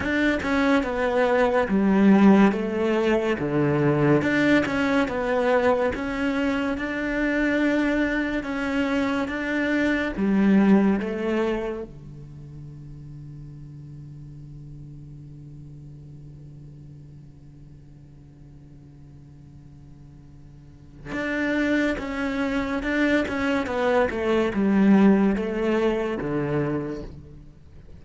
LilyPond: \new Staff \with { instrumentName = "cello" } { \time 4/4 \tempo 4 = 71 d'8 cis'8 b4 g4 a4 | d4 d'8 cis'8 b4 cis'4 | d'2 cis'4 d'4 | g4 a4 d2~ |
d1~ | d1~ | d4 d'4 cis'4 d'8 cis'8 | b8 a8 g4 a4 d4 | }